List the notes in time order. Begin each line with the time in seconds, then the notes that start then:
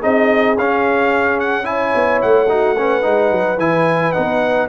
0.00 C4 D#4 G#4 D#5
0.57 C#4 F5
1.40 F#5
1.64 E4 C#5 G#5
1.95 B3
2.22 A3 F#5
2.49 D#4 F#4
2.78 C#4 B4
3.02 G#3 D#4
3.31 F#3
3.58 E3 E4 G#5
4.13 B3 D#4 F#5